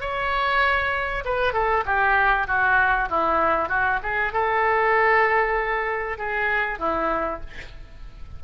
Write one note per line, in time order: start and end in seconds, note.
0.00 1.24 C#5
1.25 1.53 B4
1.53 1.84 A4
1.85 2.47 G4
2.47 3.08 F#4
3.09 3.68 E4
3.68 3.99 F#4
4.03 4.32 G#4
4.32 6.18 A4
6.18 6.78 G#4
6.78 7.40 E4